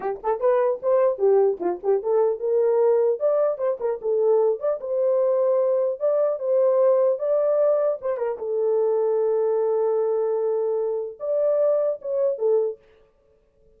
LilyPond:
\new Staff \with { instrumentName = "horn" } { \time 4/4 \tempo 4 = 150 g'8 a'8 b'4 c''4 g'4 | f'8 g'8 a'4 ais'2 | d''4 c''8 ais'8 a'4. d''8 | c''2. d''4 |
c''2 d''2 | c''8 ais'8 a'2.~ | a'1 | d''2 cis''4 a'4 | }